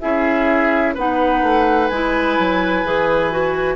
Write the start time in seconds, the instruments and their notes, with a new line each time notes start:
0.00 bassoon C#4, clarinet E4, oboe G#4, flute E5
0.94 bassoon B3, clarinet D#4, oboe B4, flute F#5
1.43 bassoon A3
1.88 bassoon G#3, clarinet E4, flute G#5
2.39 bassoon F#3
2.84 bassoon E3, clarinet G#4
3.31 clarinet F#4